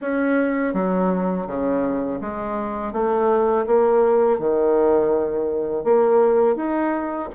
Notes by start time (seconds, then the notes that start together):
0.01 C#4
0.73 F#3
1.46 C#3
2.21 G#3
2.93 A3
3.66 A#3
4.39 D#3
5.84 A#3
6.56 D#4